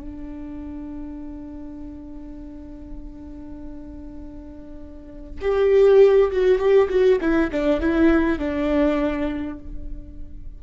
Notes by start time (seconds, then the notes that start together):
0.00 D4
5.41 G4
6.31 F#4
6.58 G4
6.89 F#4
7.20 E4
7.51 D4
7.80 E4
8.38 D4